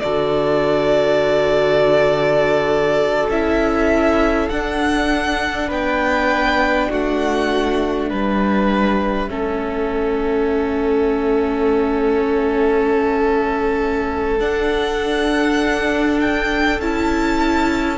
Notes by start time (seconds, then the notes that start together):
0.00 D3 F#4 A4 D5
3.29 C#4 E4 E5
4.49 D4 F#5
5.67 B3 B4 G5
6.90 A3 F#4 F#5
8.10 G3 B4 E5
9.28 A3 C#4 A4
14.39 D4 F#5
16.21 G5
16.80 C#4 E4 A5